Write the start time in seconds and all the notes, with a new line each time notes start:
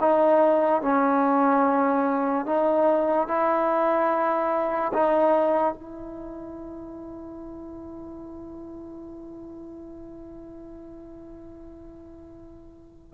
0.00 D#4
0.81 C#4
2.45 D#4
3.28 E4
4.93 D#4
5.74 E4